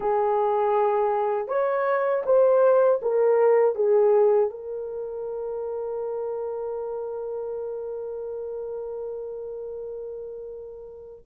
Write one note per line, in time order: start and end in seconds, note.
0.00 1.48 G#4
1.48 2.23 C#5
2.25 3.00 C5
3.01 3.75 A#4
3.75 4.50 G#4
4.50 11.25 A#4